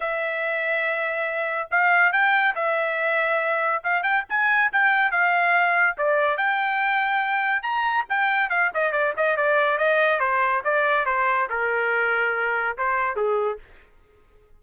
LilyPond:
\new Staff \with { instrumentName = "trumpet" } { \time 4/4 \tempo 4 = 141 e''1 | f''4 g''4 e''2~ | e''4 f''8 g''8 gis''4 g''4 | f''2 d''4 g''4~ |
g''2 ais''4 g''4 | f''8 dis''8 d''8 dis''8 d''4 dis''4 | c''4 d''4 c''4 ais'4~ | ais'2 c''4 gis'4 | }